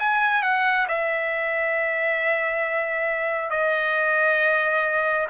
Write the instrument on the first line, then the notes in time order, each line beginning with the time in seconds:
trumpet
0.00 G#5
0.43 F#5
0.89 E5
3.51 D#5